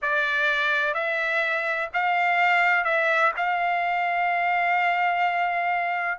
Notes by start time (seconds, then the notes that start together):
0.02 D5
0.94 E5
1.93 F5
2.84 E5
3.36 F5